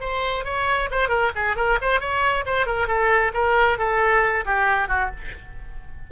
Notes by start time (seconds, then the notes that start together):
0.00 C5
0.44 C#5
0.91 C5
1.08 A#4
1.35 G#4
1.56 A#4
1.81 C5
2.00 C#5
2.45 C5
2.66 A#4
2.87 A4
3.34 A#4
3.78 A4
4.45 G4
4.88 F#4